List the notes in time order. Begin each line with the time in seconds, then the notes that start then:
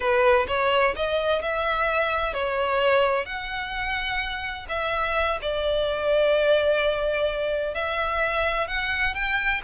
0.00 B4
0.47 C#5
0.95 D#5
1.42 E5
2.33 C#5
3.25 F#5
4.69 E5
5.41 D5
7.74 E5
8.67 F#5
9.14 G5